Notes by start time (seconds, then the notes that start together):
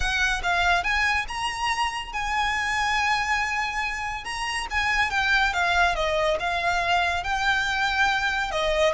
0.00 F#5
0.43 F5
0.83 G#5
1.27 A#5
2.13 G#5
4.24 A#5
4.70 G#5
5.10 G5
5.53 F5
5.95 D#5
6.39 F5
7.23 G5
8.51 D#5